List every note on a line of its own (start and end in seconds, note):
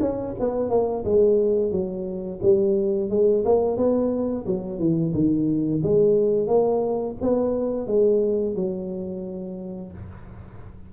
0.00 0.34 C#4
0.39 0.69 B3
0.69 1.04 A#3
1.04 1.71 G#3
1.71 2.40 F#3
2.42 3.10 G3
3.10 3.44 G#3
3.45 3.77 A#3
3.77 4.45 B3
4.46 4.79 F#3
4.79 5.13 E3
5.14 5.82 D#3
5.83 6.47 G#3
6.47 7.15 A#3
7.21 7.87 B3
7.87 8.55 G#3
8.55 9.92 F#3